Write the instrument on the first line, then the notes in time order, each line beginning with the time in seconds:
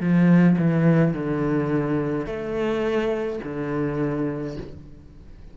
cello
0.00 F3
0.58 E3
1.13 D3
2.26 A3
3.43 D3